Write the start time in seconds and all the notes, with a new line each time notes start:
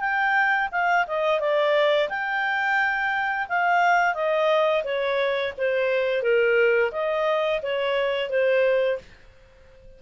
0.00 G5
0.72 F5
1.08 D#5
1.40 D5
2.09 G5
3.49 F5
4.14 D#5
4.84 C#5
5.58 C5
6.22 A#4
6.92 D#5
7.62 C#5
8.29 C5